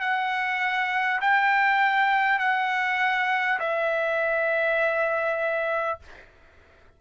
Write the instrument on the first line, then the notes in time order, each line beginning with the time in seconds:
trumpet
0.00 F#5
1.21 G5
2.39 F#5
3.59 E5